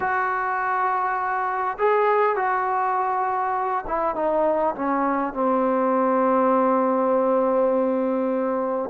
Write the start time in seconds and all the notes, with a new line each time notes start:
0.00 F#4
1.78 G#4
2.36 F#4
3.87 E4
4.15 D#4
4.75 C#4
5.33 C4